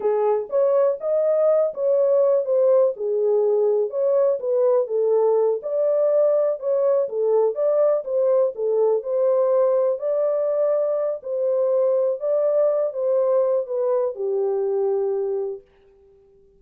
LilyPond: \new Staff \with { instrumentName = "horn" } { \time 4/4 \tempo 4 = 123 gis'4 cis''4 dis''4. cis''8~ | cis''4 c''4 gis'2 | cis''4 b'4 a'4. d''8~ | d''4. cis''4 a'4 d''8~ |
d''8 c''4 a'4 c''4.~ | c''8 d''2~ d''8 c''4~ | c''4 d''4. c''4. | b'4 g'2. | }